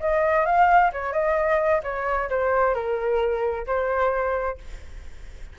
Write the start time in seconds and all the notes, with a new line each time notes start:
0.00 D#5
0.45 F5
0.92 C#5
1.13 D#5
1.83 C#5
2.29 C5
2.74 A#4
3.66 C5